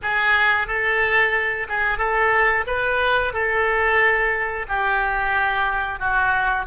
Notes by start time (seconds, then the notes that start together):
0.02 G#4
0.67 A4
1.68 G#4
1.98 A4
2.66 B4
3.33 A4
4.68 G4
5.99 F#4